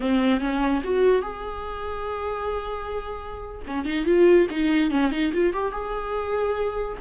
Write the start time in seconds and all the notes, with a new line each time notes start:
0.00 C4
0.40 C#4
0.83 F#4
1.22 G#4
3.67 C#4
3.85 D#4
4.05 F4
4.50 D#4
4.90 C#4
5.11 D#4
5.33 F4
5.53 G4
5.72 G#4